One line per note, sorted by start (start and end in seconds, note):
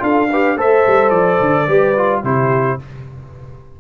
0.00 0.56 D4
0.00 0.28 F4
0.00 0.29 A4
0.00 0.59 F5
0.29 0.58 G4
0.29 0.56 B4
0.56 0.84 A3
0.56 1.68 A4
0.56 1.66 C5
0.56 1.10 E5
0.87 1.11 G3
1.10 1.38 F3
1.10 2.20 D5
1.41 1.68 D3
1.67 2.23 G3
1.67 1.96 G4
1.67 2.22 B4
1.97 2.24 F4
2.23 2.78 C3
2.23 2.79 E4
2.23 2.80 G4
2.23 2.80 C5